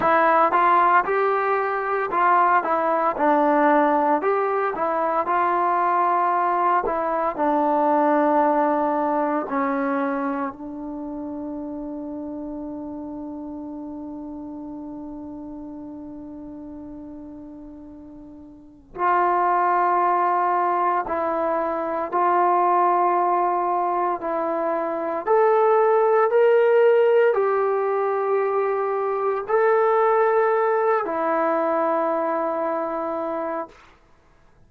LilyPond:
\new Staff \with { instrumentName = "trombone" } { \time 4/4 \tempo 4 = 57 e'8 f'8 g'4 f'8 e'8 d'4 | g'8 e'8 f'4. e'8 d'4~ | d'4 cis'4 d'2~ | d'1~ |
d'2 f'2 | e'4 f'2 e'4 | a'4 ais'4 g'2 | a'4. e'2~ e'8 | }